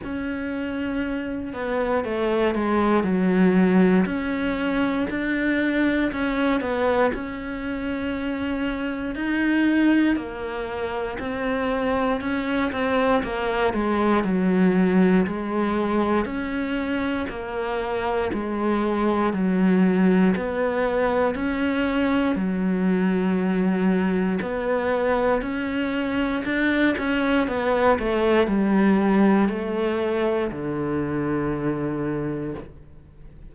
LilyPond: \new Staff \with { instrumentName = "cello" } { \time 4/4 \tempo 4 = 59 cis'4. b8 a8 gis8 fis4 | cis'4 d'4 cis'8 b8 cis'4~ | cis'4 dis'4 ais4 c'4 | cis'8 c'8 ais8 gis8 fis4 gis4 |
cis'4 ais4 gis4 fis4 | b4 cis'4 fis2 | b4 cis'4 d'8 cis'8 b8 a8 | g4 a4 d2 | }